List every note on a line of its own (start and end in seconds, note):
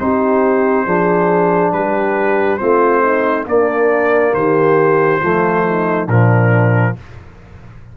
0.00 0.86 C4
0.00 0.87 D#4
0.00 0.86 G4
0.00 1.73 C5
0.86 1.73 F3
0.86 2.59 D4
0.86 1.73 G#4
1.73 2.60 G3
1.73 2.60 G4
1.73 2.58 B4
2.58 3.47 A3
2.58 3.46 C4
2.58 3.02 F4
2.58 3.45 C5
3.02 3.45 D#4
3.46 5.20 A#3
3.46 4.34 A#3
3.46 4.35 D4
3.46 4.34 D5
4.34 5.21 D#3
4.34 5.22 G4
4.34 6.08 C5
5.21 6.08 F3
5.21 6.08 A3
5.21 5.66 F4
5.68 6.07 D#4
6.07 6.95 A#2
6.07 6.97 F3
6.07 6.94 D4
6.07 6.96 A#4